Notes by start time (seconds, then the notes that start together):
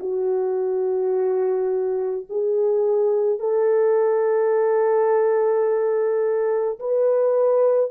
0.00 F#4
2.30 G#4
3.40 A4
6.80 B4